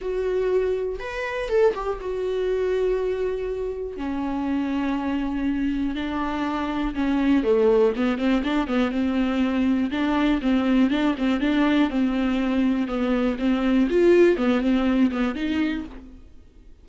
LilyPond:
\new Staff \with { instrumentName = "viola" } { \time 4/4 \tempo 4 = 121 fis'2 b'4 a'8 g'8 | fis'1 | cis'1 | d'2 cis'4 a4 |
b8 c'8 d'8 b8 c'2 | d'4 c'4 d'8 c'8 d'4 | c'2 b4 c'4 | f'4 b8 c'4 b8 dis'4 | }